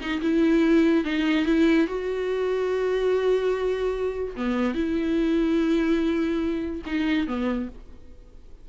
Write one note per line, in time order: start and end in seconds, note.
0.00 0.21 D#4
0.21 1.04 E4
1.04 1.45 D#4
1.46 1.87 E4
1.87 4.35 F#4
4.36 4.74 B3
4.74 6.81 E4
6.86 7.27 D#4
7.27 7.68 B3